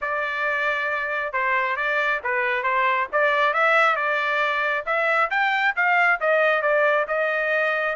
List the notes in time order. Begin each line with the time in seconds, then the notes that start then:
0.01 D5
1.32 C5
1.76 D5
2.23 B4
2.63 C5
3.12 D5
3.53 E5
3.96 D5
4.85 E5
5.30 G5
5.76 F5
6.20 D#5
6.62 D5
7.07 D#5